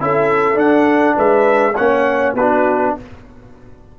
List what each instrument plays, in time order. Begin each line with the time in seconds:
0.00 tuba C#4, trombone E4, horn A4, trumpet E5
0.55 trombone D4, tuba D4, trumpet F#5
1.16 tuba G#3, horn B4, trumpet E5
1.76 tuba A#3, trombone C#4, horn C#5, trumpet F#5
2.34 tuba B3, trombone D4, horn F#4, trumpet B4